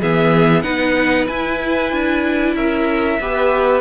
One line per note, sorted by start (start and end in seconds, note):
0.00 0.63 E3
0.00 0.63 B3
0.00 0.62 G#4
0.00 0.62 E5
0.62 1.27 B3
0.62 1.27 D#4
0.62 2.54 B4
0.62 1.26 F#5
1.27 1.91 E4
1.27 3.21 E4
1.27 2.55 G#5
1.91 2.55 D4
2.55 3.19 C#4
2.55 3.19 A#4
2.55 3.81 E5
3.19 3.81 B3
3.19 3.81 G4
3.19 3.81 B4